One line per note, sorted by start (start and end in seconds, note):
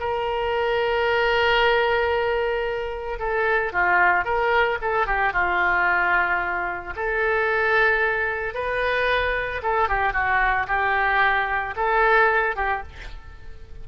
0.00 3.19 A#4
3.19 3.73 A4
3.73 4.25 F4
4.25 4.78 A#4
4.81 5.07 A4
5.07 5.33 G4
5.33 6.94 F4
6.96 8.54 A4
8.54 9.61 B4
9.63 9.89 A4
9.89 10.13 G4
10.13 10.67 F#4
10.67 11.74 G4
11.76 12.56 A4
12.56 12.83 G4